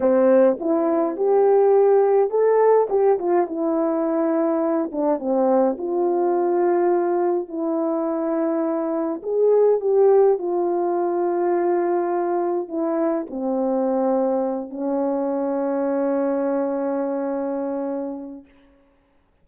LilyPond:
\new Staff \with { instrumentName = "horn" } { \time 4/4 \tempo 4 = 104 c'4 e'4 g'2 | a'4 g'8 f'8 e'2~ | e'8 d'8 c'4 f'2~ | f'4 e'2. |
gis'4 g'4 f'2~ | f'2 e'4 c'4~ | c'4. cis'2~ cis'8~ | cis'1 | }